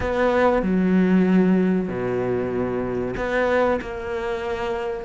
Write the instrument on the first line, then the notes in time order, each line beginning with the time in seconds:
cello
0.00 B3
0.62 F#3
1.88 B2
3.16 B3
3.81 A#3